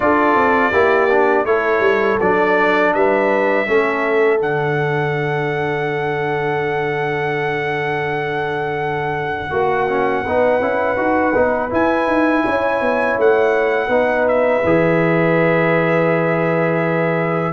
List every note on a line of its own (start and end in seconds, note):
0.00 0.35 D4
0.00 0.72 F4
0.00 0.72 A4
0.00 1.45 D5
0.35 0.71 C4
0.72 1.44 A#3
0.72 1.09 E4
0.72 1.45 G4
1.10 1.46 D4
1.44 1.80 A3
1.44 2.19 E4
1.44 2.94 A4
1.44 2.18 C#5
1.80 2.16 G3
2.20 2.94 F#3
2.20 3.66 D4
2.20 2.93 D5
2.93 3.67 G3
2.93 3.67 B4
2.93 4.40 E5
3.66 4.40 A3
3.66 4.39 C#4
3.66 9.51 A4
4.39 9.51 D3
4.39 9.50 D4
4.39 11.73 F#5
9.50 10.24 A#3
9.50 9.87 F#4
9.50 10.23 F#4
9.88 10.25 C#4
10.23 10.60 B3
10.23 10.61 D#4
10.23 12.43 B4
10.60 10.96 C#4
10.60 10.96 E4
10.96 11.33 D#4
10.96 11.33 F#4
11.35 11.71 B3
11.35 11.69 D#4
11.69 13.89 E4
11.69 12.06 E4
11.69 13.20 G#5
12.06 12.43 D#4
12.44 12.80 C#4
12.44 13.87 C#5
12.80 13.17 B3
13.18 13.88 A3
13.18 14.27 F#5
13.87 14.61 B3
13.87 14.62 D#4
13.87 17.53 B4
14.27 17.53 E5
14.63 17.53 E3
14.63 17.53 G#4